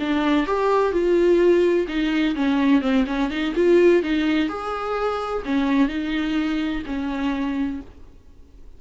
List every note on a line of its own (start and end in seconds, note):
0.00 0.47 D4
0.47 0.92 G4
0.92 1.87 F4
1.88 2.35 D#4
2.36 2.82 C#4
2.82 3.05 C4
3.07 3.30 C#4
3.30 3.54 D#4
3.55 4.03 F4
4.03 4.49 D#4
4.49 5.43 G#4
5.45 5.88 C#4
5.88 6.83 D#4
6.86 7.81 C#4